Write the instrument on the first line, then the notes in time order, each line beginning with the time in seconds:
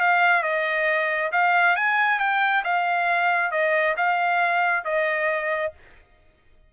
trumpet
0.00 F5
0.43 D#5
1.32 F5
1.76 G#5
2.19 G5
2.64 F5
3.51 D#5
3.97 F5
4.84 D#5